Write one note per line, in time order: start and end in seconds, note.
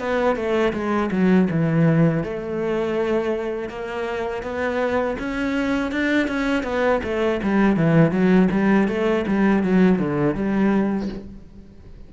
0.00 0.36 B3
0.36 0.73 A3
0.73 1.10 G#3
1.11 1.48 F#3
1.51 2.24 E3
2.24 3.69 A3
3.69 4.43 A#3
4.43 5.17 B3
5.19 5.92 C#4
5.92 6.28 D4
6.28 6.64 C#4
6.64 7.01 B3
7.04 7.41 A3
7.43 7.77 G3
7.77 8.12 E3
8.12 8.49 F#3
8.52 8.89 G3
8.89 9.26 A3
9.28 9.64 G3
9.64 9.99 F#3
9.99 10.35 D3
10.35 11.09 G3